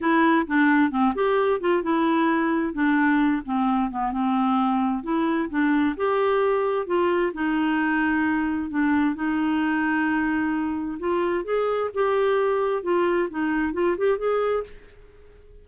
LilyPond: \new Staff \with { instrumentName = "clarinet" } { \time 4/4 \tempo 4 = 131 e'4 d'4 c'8 g'4 f'8 | e'2 d'4. c'8~ | c'8 b8 c'2 e'4 | d'4 g'2 f'4 |
dis'2. d'4 | dis'1 | f'4 gis'4 g'2 | f'4 dis'4 f'8 g'8 gis'4 | }